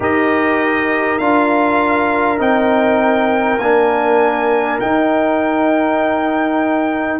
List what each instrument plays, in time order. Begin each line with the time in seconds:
0.00 tuba D#4, trombone G4, horn A#4, trumpet D#5
1.18 tuba D4, trombone F4, trumpet F5
2.38 tuba C4, trombone D#4, trumpet G5
3.58 tuba A#3, trombone D4, trumpet G#5
4.79 trombone D#4, tuba D#4, trumpet G5